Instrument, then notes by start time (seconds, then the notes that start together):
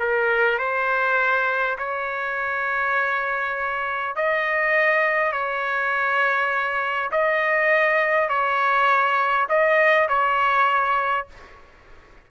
trumpet
0.00 A#4
0.59 C5
1.78 C#5
4.16 D#5
5.32 C#5
7.12 D#5
8.30 C#5
9.49 D#5
10.09 C#5